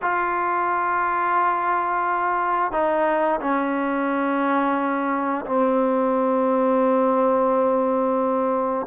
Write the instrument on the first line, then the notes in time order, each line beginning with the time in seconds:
trombone
0.02 F4
2.71 D#4
3.40 C#4
5.45 C4